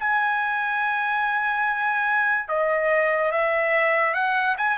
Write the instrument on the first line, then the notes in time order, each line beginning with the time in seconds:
trumpet
0.00 G#5
2.49 D#5
3.32 E5
4.14 F#5
4.58 G#5